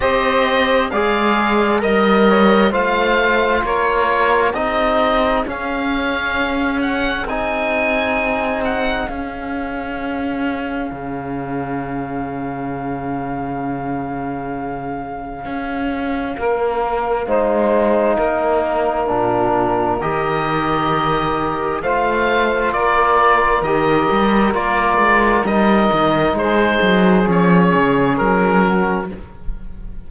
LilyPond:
<<
  \new Staff \with { instrumentName = "oboe" } { \time 4/4 \tempo 4 = 66 dis''4 f''4 dis''4 f''4 | cis''4 dis''4 f''4. fis''8 | gis''4. fis''8 f''2~ | f''1~ |
f''1~ | f''2 dis''2 | f''4 d''4 dis''4 d''4 | dis''4 c''4 cis''4 ais'4 | }
  \new Staff \with { instrumentName = "saxophone" } { \time 4/4 c''4 d''4 dis''8 cis''8 c''4 | ais'4 gis'2.~ | gis'1~ | gis'1~ |
gis'2 ais'4 c''4 | ais'1 | c''4 ais'2.~ | ais'4 gis'2~ gis'8 fis'8 | }
  \new Staff \with { instrumentName = "trombone" } { \time 4/4 g'4 gis'4 ais'4 f'4~ | f'4 dis'4 cis'2 | dis'2 cis'2~ | cis'1~ |
cis'2. dis'4~ | dis'4 d'4 g'2 | f'2 g'4 f'4 | dis'2 cis'2 | }
  \new Staff \with { instrumentName = "cello" } { \time 4/4 c'4 gis4 g4 a4 | ais4 c'4 cis'2 | c'2 cis'2 | cis1~ |
cis4 cis'4 ais4 gis4 | ais4 ais,4 dis2 | a4 ais4 dis8 g8 ais8 gis8 | g8 dis8 gis8 fis8 f8 cis8 fis4 | }
>>